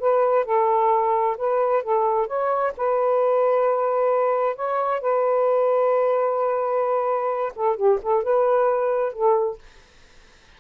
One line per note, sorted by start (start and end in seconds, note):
0.00 0.45 B4
0.45 1.37 A4
1.38 1.83 B4
1.83 2.27 A4
2.27 2.73 C#5
2.78 4.56 B4
4.56 5.01 C#5
5.01 7.53 B4
7.56 7.77 A4
7.77 7.99 G4
8.03 8.24 A4
8.24 9.13 B4
9.13 9.59 A4